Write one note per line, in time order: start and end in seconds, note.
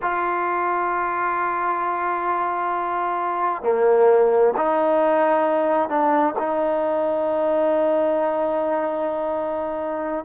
0.02 3.62 F4
3.62 4.53 A#3
4.56 5.88 D#4
5.88 6.34 D4
6.38 10.24 D#4